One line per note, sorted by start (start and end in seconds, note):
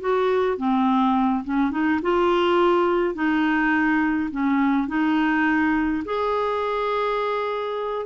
0.00 0.57 F#4
0.57 1.44 C4
1.44 1.71 C#4
1.71 2.00 D#4
2.02 3.15 F4
3.15 4.30 D#4
4.31 4.88 C#4
4.88 6.03 D#4
6.05 8.06 G#4